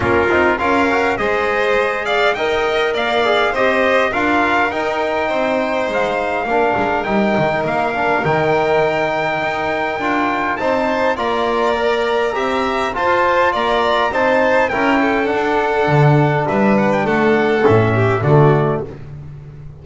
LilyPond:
<<
  \new Staff \with { instrumentName = "trumpet" } { \time 4/4 \tempo 4 = 102 ais'4 f''4 dis''4. f''8 | g''4 f''4 dis''4 f''4 | g''2 f''2 | g''4 f''4 g''2~ |
g''2 a''4 ais''4~ | ais''2 a''4 ais''4 | a''4 g''4 fis''2 | e''8 fis''16 g''16 fis''4 e''4 d''4 | }
  \new Staff \with { instrumentName = "violin" } { \time 4/4 f'4 ais'4 c''4. d''8 | dis''4 d''4 c''4 ais'4~ | ais'4 c''2 ais'4~ | ais'1~ |
ais'2 c''4 d''4~ | d''4 e''4 c''4 d''4 | c''4 ais'8 a'2~ a'8 | b'4 a'4. g'8 fis'4 | }
  \new Staff \with { instrumentName = "trombone" } { \time 4/4 cis'8 dis'8 f'8 fis'8 gis'2 | ais'4. gis'8 g'4 f'4 | dis'2. d'4 | dis'4. d'8 dis'2~ |
dis'4 f'4 dis'4 f'4 | ais'4 g'4 f'2 | dis'4 e'4 d'2~ | d'2 cis'4 a4 | }
  \new Staff \with { instrumentName = "double bass" } { \time 4/4 ais8 c'8 cis'4 gis2 | dis'4 ais4 c'4 d'4 | dis'4 c'4 gis4 ais8 gis8 | g8 dis8 ais4 dis2 |
dis'4 d'4 c'4 ais4~ | ais4 c'4 f'4 ais4 | c'4 cis'4 d'4 d4 | g4 a4 a,4 d4 | }
>>